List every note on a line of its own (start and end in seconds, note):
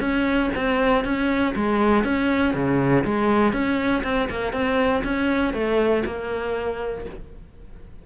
0.00 0.50 C#4
0.55 1.04 C4
1.04 1.54 C#4
1.56 2.04 G#3
2.04 2.54 C#4
2.54 3.04 C#3
3.04 3.53 G#3
3.53 4.03 C#4
4.04 4.29 C4
4.30 4.53 A#3
4.53 5.03 C4
5.04 5.53 C#4
5.53 6.03 A3
6.05 7.05 A#3